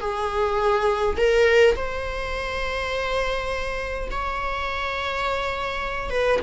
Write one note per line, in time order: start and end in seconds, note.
0.00 1.17 G#4
1.17 1.75 A#4
1.76 4.09 C5
4.11 6.10 C#5
6.10 6.39 B4